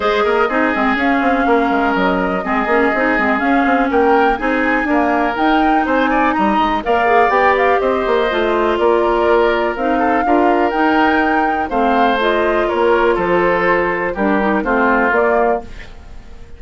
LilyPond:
<<
  \new Staff \with { instrumentName = "flute" } { \time 4/4 \tempo 4 = 123 dis''2 f''2 | dis''2. f''4 | g''4 gis''2 g''4 | gis''4 ais''4 f''4 g''8 f''8 |
dis''2 d''2 | f''2 g''2 | f''4 dis''4 cis''4 c''4~ | c''4 ais'4 c''4 d''4 | }
  \new Staff \with { instrumentName = "oboe" } { \time 4/4 c''8 ais'8 gis'2 ais'4~ | ais'4 gis'2. | ais'4 gis'4 ais'2 | c''8 d''8 dis''4 d''2 |
c''2 ais'2~ | ais'8 a'8 ais'2. | c''2 ais'4 a'4~ | a'4 g'4 f'2 | }
  \new Staff \with { instrumentName = "clarinet" } { \time 4/4 gis'4 dis'8 c'8 cis'2~ | cis'4 c'8 cis'8 dis'8 c'8 cis'4~ | cis'4 dis'4 ais4 dis'4~ | dis'2 ais'8 gis'8 g'4~ |
g'4 f'2. | dis'4 f'4 dis'2 | c'4 f'2.~ | f'4 d'8 dis'8 c'4 ais4 | }
  \new Staff \with { instrumentName = "bassoon" } { \time 4/4 gis8 ais8 c'8 gis8 cis'8 c'8 ais8 gis8 | fis4 gis8 ais8 c'8 gis8 cis'8 c'8 | ais4 c'4 d'4 dis'4 | c'4 g8 gis8 ais4 b4 |
c'8 ais8 a4 ais2 | c'4 d'4 dis'2 | a2 ais4 f4~ | f4 g4 a4 ais4 | }
>>